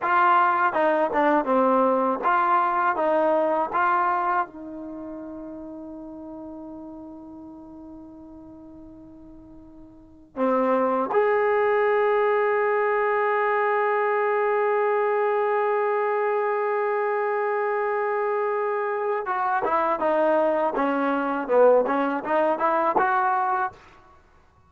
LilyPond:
\new Staff \with { instrumentName = "trombone" } { \time 4/4 \tempo 4 = 81 f'4 dis'8 d'8 c'4 f'4 | dis'4 f'4 dis'2~ | dis'1~ | dis'2 c'4 gis'4~ |
gis'1~ | gis'1~ | gis'2 fis'8 e'8 dis'4 | cis'4 b8 cis'8 dis'8 e'8 fis'4 | }